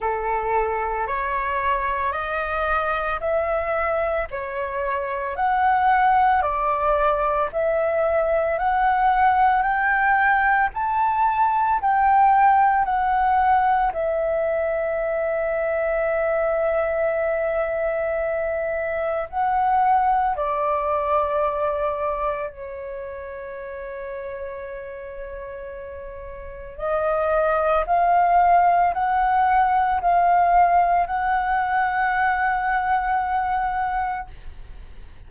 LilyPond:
\new Staff \with { instrumentName = "flute" } { \time 4/4 \tempo 4 = 56 a'4 cis''4 dis''4 e''4 | cis''4 fis''4 d''4 e''4 | fis''4 g''4 a''4 g''4 | fis''4 e''2.~ |
e''2 fis''4 d''4~ | d''4 cis''2.~ | cis''4 dis''4 f''4 fis''4 | f''4 fis''2. | }